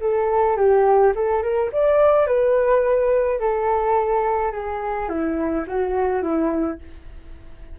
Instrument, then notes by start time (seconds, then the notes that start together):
flute
0.00 A4
0.56 G4
1.15 A4
1.42 A#4
1.72 D5
2.27 B4
3.40 A4
4.52 G#4
5.08 E4
5.67 F#4
6.22 E4